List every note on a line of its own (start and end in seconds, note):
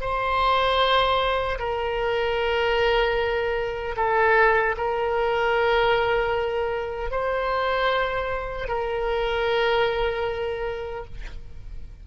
0.00 1.58 C5
1.58 3.95 A#4
3.96 4.75 A4
4.77 7.11 A#4
7.11 8.68 C5
8.68 11.05 A#4